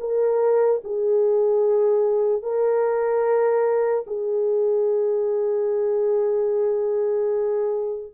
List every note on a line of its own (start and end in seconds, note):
0.00 0.81 A#4
0.84 2.42 G#4
2.42 4.04 A#4
4.07 8.12 G#4